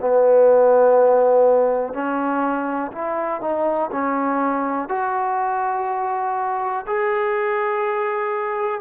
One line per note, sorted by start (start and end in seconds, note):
0.00 1.93 B3
1.93 2.91 C#4
2.92 3.41 E4
3.41 3.90 D#4
3.92 4.88 C#4
4.88 6.85 F#4
6.86 8.81 G#4